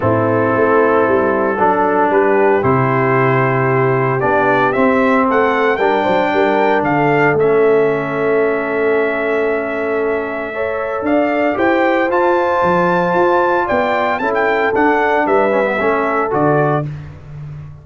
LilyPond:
<<
  \new Staff \with { instrumentName = "trumpet" } { \time 4/4 \tempo 4 = 114 a'1 | b'4 c''2. | d''4 e''4 fis''4 g''4~ | g''4 f''4 e''2~ |
e''1~ | e''4 f''4 g''4 a''4~ | a''2 g''4 a''16 g''8. | fis''4 e''2 d''4 | }
  \new Staff \with { instrumentName = "horn" } { \time 4/4 e'2. a'4 | g'1~ | g'2 a'4 ais'8 c''8 | ais'4 a'2.~ |
a'1 | cis''4 d''4 c''2~ | c''2 d''4 a'4~ | a'4 b'4 a'2 | }
  \new Staff \with { instrumentName = "trombone" } { \time 4/4 c'2. d'4~ | d'4 e'2. | d'4 c'2 d'4~ | d'2 cis'2~ |
cis'1 | a'2 g'4 f'4~ | f'2. e'4 | d'4. cis'16 b16 cis'4 fis'4 | }
  \new Staff \with { instrumentName = "tuba" } { \time 4/4 a,4 a4 g4 fis4 | g4 c2. | b4 c'4 a4 g8 fis8 | g4 d4 a2~ |
a1~ | a4 d'4 e'4 f'4 | f4 f'4 b4 cis'4 | d'4 g4 a4 d4 | }
>>